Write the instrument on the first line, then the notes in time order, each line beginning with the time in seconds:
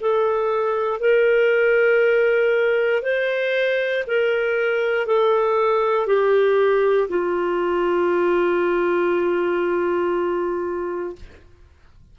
clarinet
0.00 A4
0.99 A#4
3.02 C5
4.07 A#4
5.06 A4
6.06 G4
7.09 F4